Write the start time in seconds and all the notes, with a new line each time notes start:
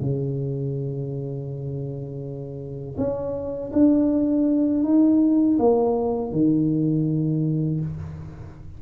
0.00 C#3
2.98 C#4
3.72 D4
4.84 D#4
5.59 A#3
6.32 D#3